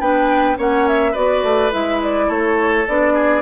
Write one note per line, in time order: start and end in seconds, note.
0.00 0.57 B3
0.00 0.56 D4
0.00 0.57 B4
0.00 0.57 G5
0.56 1.15 A#3
0.56 1.14 C#4
0.56 1.12 C#5
0.56 0.87 F#5
0.87 1.14 E5
1.12 1.43 B3
1.12 1.71 F#4
1.12 2.26 B4
1.12 1.71 D5
1.43 1.71 A3
1.71 2.29 G#3
1.71 2.85 E4
1.71 2.01 E5
2.02 2.30 D5
2.27 2.86 A3
2.27 3.13 A4
2.27 2.87 C#5
2.87 3.42 B3
2.87 3.42 D4
2.87 3.42 D5
3.14 3.42 G#4